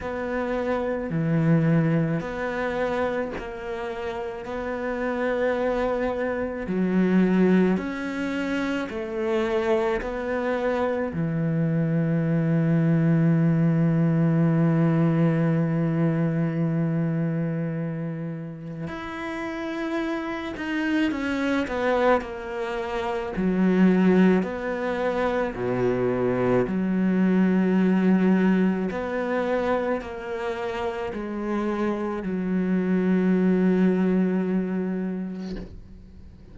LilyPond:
\new Staff \with { instrumentName = "cello" } { \time 4/4 \tempo 4 = 54 b4 e4 b4 ais4 | b2 fis4 cis'4 | a4 b4 e2~ | e1~ |
e4 e'4. dis'8 cis'8 b8 | ais4 fis4 b4 b,4 | fis2 b4 ais4 | gis4 fis2. | }